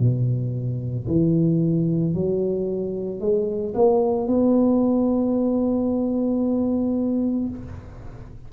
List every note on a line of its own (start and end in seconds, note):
0.00 1.07 B2
1.08 2.15 E3
2.15 3.21 F#3
3.21 3.75 G#3
3.75 4.28 A#3
4.28 7.50 B3